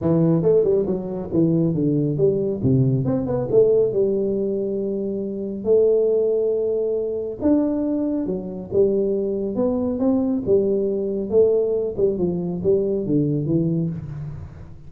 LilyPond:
\new Staff \with { instrumentName = "tuba" } { \time 4/4 \tempo 4 = 138 e4 a8 g8 fis4 e4 | d4 g4 c4 c'8 b8 | a4 g2.~ | g4 a2.~ |
a4 d'2 fis4 | g2 b4 c'4 | g2 a4. g8 | f4 g4 d4 e4 | }